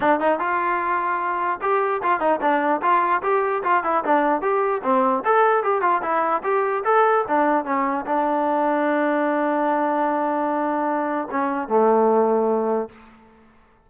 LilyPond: \new Staff \with { instrumentName = "trombone" } { \time 4/4 \tempo 4 = 149 d'8 dis'8 f'2. | g'4 f'8 dis'8 d'4 f'4 | g'4 f'8 e'8 d'4 g'4 | c'4 a'4 g'8 f'8 e'4 |
g'4 a'4 d'4 cis'4 | d'1~ | d'1 | cis'4 a2. | }